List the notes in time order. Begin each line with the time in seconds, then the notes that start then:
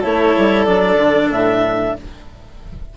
0.00 A3 E4 A4 C#5
0.37 G3
0.65 F#3 D4 D5
0.97 D3
1.30 A2 E5